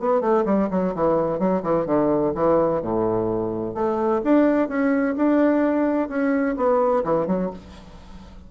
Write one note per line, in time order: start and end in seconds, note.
0.00 0.21 B3
0.21 0.45 A3
0.46 0.69 G3
0.71 0.94 F#3
0.95 1.40 E3
1.40 1.63 F#3
1.63 1.86 E3
1.86 2.33 D3
2.35 2.82 E3
2.82 3.75 A2
3.75 4.22 A3
4.24 4.69 D4
4.69 5.16 C#4
5.17 6.09 D4
6.09 6.56 C#4
6.57 7.04 B3
7.04 7.27 E3
7.27 7.51 F#3